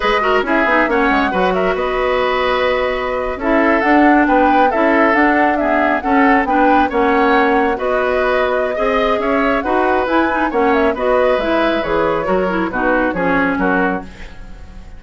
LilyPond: <<
  \new Staff \with { instrumentName = "flute" } { \time 4/4 \tempo 4 = 137 dis''4 e''4 fis''4. e''8 | dis''2.~ dis''8. e''16~ | e''8. fis''4 g''4 e''4 fis''16~ | fis''8. e''4 fis''4 g''4 fis''16~ |
fis''4.~ fis''16 dis''2~ dis''16~ | dis''4 e''4 fis''4 gis''4 | fis''8 e''8 dis''4 e''4 cis''4~ | cis''4 b'4 cis''4 ais'4 | }
  \new Staff \with { instrumentName = "oboe" } { \time 4/4 b'8 ais'8 gis'4 cis''4 b'8 ais'8 | b'2.~ b'8. a'16~ | a'4.~ a'16 b'4 a'4~ a'16~ | a'8. gis'4 a'4 b'4 cis''16~ |
cis''4.~ cis''16 b'2~ b'16 | dis''4 cis''4 b'2 | cis''4 b'2. | ais'4 fis'4 gis'4 fis'4 | }
  \new Staff \with { instrumentName = "clarinet" } { \time 4/4 gis'8 fis'8 e'8 dis'8 cis'4 fis'4~ | fis'2.~ fis'8. e'16~ | e'8. d'2 e'4 d'16~ | d'8. b4 cis'4 d'4 cis'16~ |
cis'4.~ cis'16 fis'2~ fis'16 | gis'2 fis'4 e'8 dis'8 | cis'4 fis'4 e'4 gis'4 | fis'8 e'8 dis'4 cis'2 | }
  \new Staff \with { instrumentName = "bassoon" } { \time 4/4 gis4 cis'8 b8 ais8 gis8 fis4 | b2.~ b8. cis'16~ | cis'8. d'4 b4 cis'4 d'16~ | d'4.~ d'16 cis'4 b4 ais16~ |
ais4.~ ais16 b2~ b16 | c'4 cis'4 dis'4 e'4 | ais4 b4 gis4 e4 | fis4 b,4 f4 fis4 | }
>>